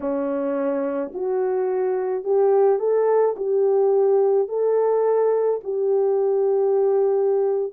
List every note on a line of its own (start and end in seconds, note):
0.00 1.12 C#4
1.13 2.24 F#4
2.24 2.79 G4
2.79 3.35 A4
3.36 4.48 G4
4.48 5.60 A4
5.63 7.73 G4